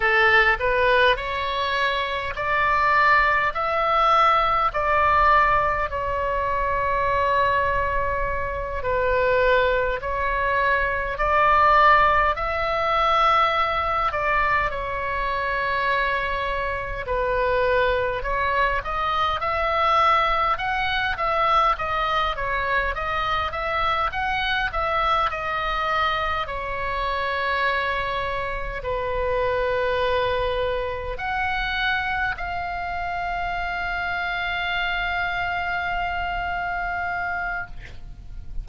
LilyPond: \new Staff \with { instrumentName = "oboe" } { \time 4/4 \tempo 4 = 51 a'8 b'8 cis''4 d''4 e''4 | d''4 cis''2~ cis''8 b'8~ | b'8 cis''4 d''4 e''4. | d''8 cis''2 b'4 cis''8 |
dis''8 e''4 fis''8 e''8 dis''8 cis''8 dis''8 | e''8 fis''8 e''8 dis''4 cis''4.~ | cis''8 b'2 fis''4 f''8~ | f''1 | }